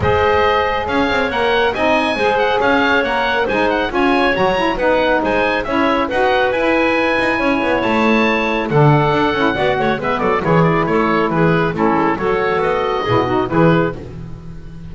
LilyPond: <<
  \new Staff \with { instrumentName = "oboe" } { \time 4/4 \tempo 4 = 138 dis''2 f''4 fis''4 | gis''4. fis''8 f''4 fis''4 | gis''8 fis''8 gis''4 ais''4 fis''4 | gis''4 e''4 fis''4 gis''4~ |
gis''2 a''2 | fis''2. e''8 d''8 | cis''8 d''8 cis''4 b'4 a'4 | cis''4 dis''2 b'4 | }
  \new Staff \with { instrumentName = "clarinet" } { \time 4/4 c''2 cis''2 | dis''4 c''4 cis''2 | c''4 cis''2 b'4 | c''4 cis''4 b'2~ |
b'4 cis''2. | a'2 d''8 cis''8 b'8 a'8 | gis'4 a'4 gis'4 e'4 | a'2 gis'8 fis'8 gis'4 | }
  \new Staff \with { instrumentName = "saxophone" } { \time 4/4 gis'2. ais'4 | dis'4 gis'2 ais'4 | dis'4 f'4 fis'8 e'8 dis'4~ | dis'4 e'4 fis'4 e'4~ |
e'1 | d'4. e'8 fis'4 b4 | e'2. cis'4 | fis'2 e'8 dis'8 e'4 | }
  \new Staff \with { instrumentName = "double bass" } { \time 4/4 gis2 cis'8 c'8 ais4 | c'4 gis4 cis'4 ais4 | gis4 cis'4 fis4 b4 | gis4 cis'4 dis'4 e'4~ |
e'8 dis'8 cis'8 b8 a2 | d4 d'8 cis'8 b8 a8 gis8 fis8 | e4 a4 e4 a8 gis8 | fis4 b4 b,4 e4 | }
>>